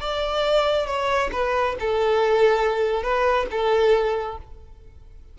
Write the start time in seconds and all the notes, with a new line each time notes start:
0.00 D5
0.87 C#5
1.32 B4
1.79 A4
3.03 B4
3.51 A4